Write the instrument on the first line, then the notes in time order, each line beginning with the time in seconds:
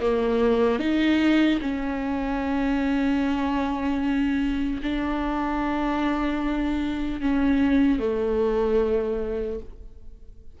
viola
0.00 A#3
0.79 D#4
1.61 C#4
4.82 D4
7.20 C#4
7.99 A3